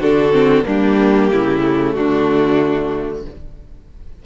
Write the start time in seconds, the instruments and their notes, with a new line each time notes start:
0.00 cello D3, viola D4, violin F#4 A4
0.33 viola C4
0.63 cello G3, viola A#3, violin D4 G4
1.33 cello C#3, violin E4
1.62 viola A3
1.93 cello D3, violin D4 F#4